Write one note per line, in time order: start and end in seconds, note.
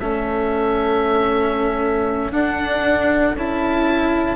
0.00 2.31 A3
0.00 2.33 C#4
0.00 4.36 A4
0.00 2.33 E5
2.31 3.34 D4
2.31 3.36 D4
2.31 3.36 F#5
3.35 4.36 C#4
3.35 4.36 E4
3.35 4.36 A5